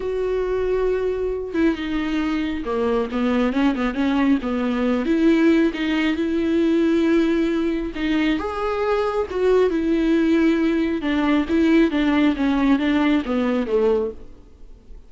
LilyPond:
\new Staff \with { instrumentName = "viola" } { \time 4/4 \tempo 4 = 136 fis'2.~ fis'8 e'8 | dis'2 ais4 b4 | cis'8 b8 cis'4 b4. e'8~ | e'4 dis'4 e'2~ |
e'2 dis'4 gis'4~ | gis'4 fis'4 e'2~ | e'4 d'4 e'4 d'4 | cis'4 d'4 b4 a4 | }